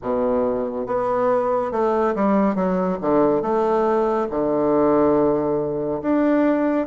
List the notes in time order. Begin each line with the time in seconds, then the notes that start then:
0.02 B2
0.86 B3
1.71 A3
2.15 G3
2.55 F#3
3.01 D3
3.41 A3
4.30 D3
6.02 D4